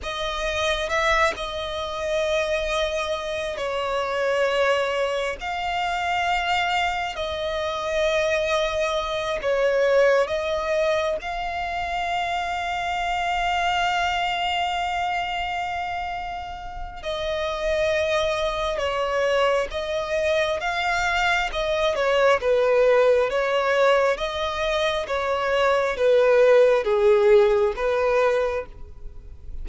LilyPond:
\new Staff \with { instrumentName = "violin" } { \time 4/4 \tempo 4 = 67 dis''4 e''8 dis''2~ dis''8 | cis''2 f''2 | dis''2~ dis''8 cis''4 dis''8~ | dis''8 f''2.~ f''8~ |
f''2. dis''4~ | dis''4 cis''4 dis''4 f''4 | dis''8 cis''8 b'4 cis''4 dis''4 | cis''4 b'4 gis'4 b'4 | }